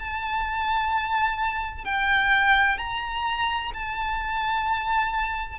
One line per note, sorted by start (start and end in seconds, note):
0.00 1.85 A5
1.85 2.78 G5
2.78 3.72 A#5
3.74 5.60 A5